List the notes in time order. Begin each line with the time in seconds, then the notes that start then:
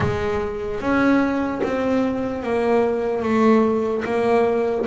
0.00 G#3
0.80 C#4
1.63 C4
2.43 A#3
3.22 A3
4.04 A#3